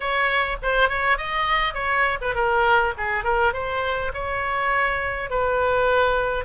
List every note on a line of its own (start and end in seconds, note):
0.00 0.57 C#5
0.62 0.89 C5
0.89 1.17 C#5
1.17 1.74 D#5
1.74 2.18 C#5
2.21 2.34 B4
2.34 2.93 A#4
2.97 3.24 G#4
3.24 3.53 A#4
3.53 4.12 C5
4.13 5.30 C#5
5.30 6.44 B4